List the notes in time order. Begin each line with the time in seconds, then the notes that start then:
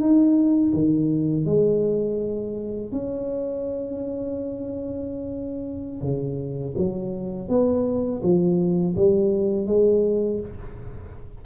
0.00 D#4
0.73 D#3
1.45 G#3
2.92 C#4
6.01 C#3
6.77 F#3
7.48 B3
8.23 F3
8.96 G3
9.67 G#3